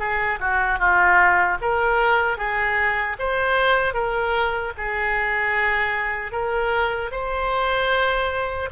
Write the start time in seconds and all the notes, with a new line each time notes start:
0.00 G#4
0.40 F#4
0.79 F4
1.62 A#4
2.38 G#4
3.19 C5
3.94 A#4
4.78 G#4
6.32 A#4
7.12 C5